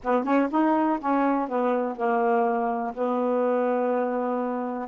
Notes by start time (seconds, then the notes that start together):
0.03 B3
0.24 C#4
0.50 D#4
0.99 C#4
1.48 B3
1.96 A#3
2.94 B3